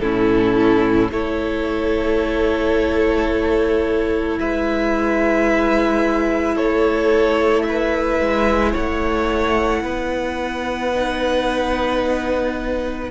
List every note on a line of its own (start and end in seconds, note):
0.00 1.09 A2
0.00 1.11 C#4
0.00 1.12 E4
0.00 1.09 A4
1.12 4.39 A3
1.12 10.94 E4
1.12 4.39 A4
1.12 4.40 C#5
4.40 6.56 G#3
4.40 6.55 B4
4.40 6.57 E5
6.55 8.20 A3
6.55 7.64 A4
6.55 7.63 C#5
7.63 8.72 B4
7.63 8.72 E5
8.20 8.75 G#3
8.72 9.84 A3
8.72 9.81 C#5
8.72 13.11 F#5
9.84 13.11 B3
9.84 13.11 B4
10.95 13.11 D#4